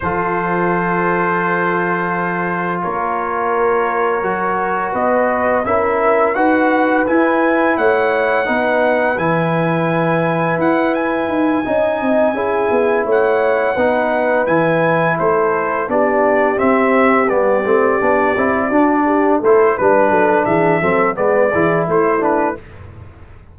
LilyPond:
<<
  \new Staff \with { instrumentName = "trumpet" } { \time 4/4 \tempo 4 = 85 c''1 | cis''2. dis''4 | e''4 fis''4 gis''4 fis''4~ | fis''4 gis''2 fis''8 gis''8~ |
gis''2~ gis''8 fis''4.~ | fis''8 gis''4 c''4 d''4 e''8~ | e''8 d''2. c''8 | b'4 e''4 d''4 c''8 b'8 | }
  \new Staff \with { instrumentName = "horn" } { \time 4/4 a'1 | ais'2. b'4 | ais'4 b'2 cis''4 | b'1~ |
b'8 dis''4 gis'4 cis''4 b'8~ | b'4. a'4 g'4.~ | g'2~ g'8 fis'8 g'8 a'8 | b'8 a'8 gis'8 a'8 b'8 gis'8 e'4 | }
  \new Staff \with { instrumentName = "trombone" } { \time 4/4 f'1~ | f'2 fis'2 | e'4 fis'4 e'2 | dis'4 e'2.~ |
e'8 dis'4 e'2 dis'8~ | dis'8 e'2 d'4 c'8~ | c'8 b8 c'8 d'8 e'8 d'4 e'8 | d'4. c'8 b8 e'4 d'8 | }
  \new Staff \with { instrumentName = "tuba" } { \time 4/4 f1 | ais2 fis4 b4 | cis'4 dis'4 e'4 a4 | b4 e2 e'4 |
dis'8 cis'8 c'8 cis'8 b8 a4 b8~ | b8 e4 a4 b4 c'8~ | c'8 g8 a8 b8 c'8 d'4 a8 | g8 fis8 e8 fis8 gis8 e8 a4 | }
>>